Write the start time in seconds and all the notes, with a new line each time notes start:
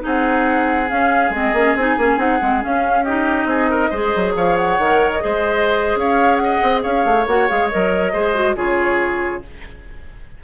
0.00 C4 D#4 G#4 F#5
0.89 C#4 F5
1.30 G#3 C4 D#5
1.53 A#3 C#4
1.75 C4 D#4 G#5
1.97 A#3 C#4
2.17 C4 D#4 F#5
2.40 G#3 C4
2.60 C#4 F5
3.03 D#4 G4 D#5
3.45 C4 G#4
3.70 A#4
3.89 G#3 G#4 C5
4.16 F#3
4.35 F3 C#5 F5
4.56 F#5
4.78 D#3 A#4
5.12 D#5
5.20 G#3 G#4 C5
5.95 C#4 C#5 F5
6.36 F#5
6.43 D#5
6.62 C4
6.82 C#4 C#5 F5
7.05 A3
7.27 A#3 F#4 F#5
7.48 G#3 G#4 F5
7.70 F#3 A#4 D#5
8.12 G#3 G#4 C5
8.34 F#4
8.55 C#3 F4 G#4 C#5